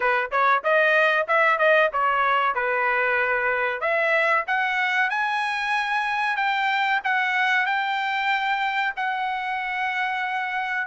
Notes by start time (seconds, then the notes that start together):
0.00 B4
0.31 C#5
0.63 D#5
1.27 E5
1.58 D#5
1.92 C#5
2.54 B4
3.80 E5
4.47 F#5
5.09 G#5
6.36 G5
7.04 F#5
7.66 G5
8.96 F#5